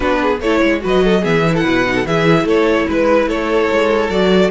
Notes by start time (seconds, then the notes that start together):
0.00 B3 D4 F#4 B4
0.21 G#4
0.40 A3 E4 A4 C#5
0.60 G#3 C#5
0.80 F#3 F#4 B4
0.86 D#5
1.04 A4
1.21 E3 B3 G#4 E5
1.46 E4
1.53 A4 F#5
1.63 B2 B4
1.86 D#4
1.94 A4
2.05 E3 E4 G#4 E5
2.44 A3 A4 C#5
2.87 G#3 B4
3.27 A3 A4 C#5
3.71 G#3
4.09 F#3 F#4 D5